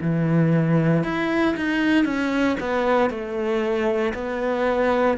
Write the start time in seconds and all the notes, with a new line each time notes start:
0.00 E3
1.03 E4
1.56 D#4
2.05 C#4
2.60 B3
3.09 A3
4.14 B3